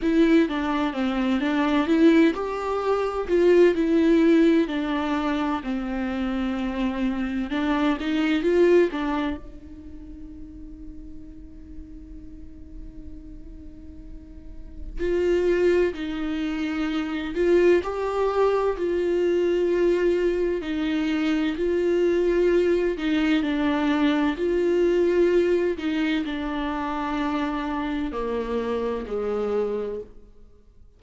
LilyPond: \new Staff \with { instrumentName = "viola" } { \time 4/4 \tempo 4 = 64 e'8 d'8 c'8 d'8 e'8 g'4 f'8 | e'4 d'4 c'2 | d'8 dis'8 f'8 d'8 dis'2~ | dis'1 |
f'4 dis'4. f'8 g'4 | f'2 dis'4 f'4~ | f'8 dis'8 d'4 f'4. dis'8 | d'2 ais4 gis4 | }